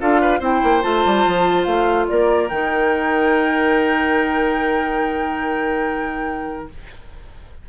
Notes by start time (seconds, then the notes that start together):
0.00 D4 F4 A4 F5
0.21 B4
0.40 C4 E4 C5 G5
0.64 A#3
0.82 A3 F4 A5
1.06 G3
1.27 F3
1.65 A3 F5
2.09 A#3 A#4 D5
2.50 D#3 D#4 G5